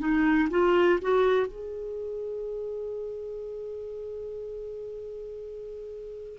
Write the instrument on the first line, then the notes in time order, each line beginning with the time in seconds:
clarinet
0.00 D#4
0.51 F4
1.02 F#4
1.48 G#4